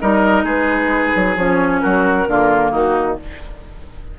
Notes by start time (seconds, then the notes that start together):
0.00 G3 D#4 A#4 D#5
0.44 G#3 G#4 B4
1.16 F#3
1.36 F3 C#4 C#5
1.81 F#3 F#4 A#4
2.27 D3 A#3 F4
2.71 D#3 D#4 F#4